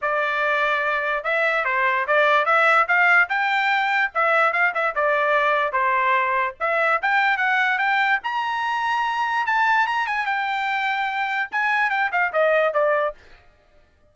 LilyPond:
\new Staff \with { instrumentName = "trumpet" } { \time 4/4 \tempo 4 = 146 d''2. e''4 | c''4 d''4 e''4 f''4 | g''2 e''4 f''8 e''8 | d''2 c''2 |
e''4 g''4 fis''4 g''4 | ais''2. a''4 | ais''8 gis''8 g''2. | gis''4 g''8 f''8 dis''4 d''4 | }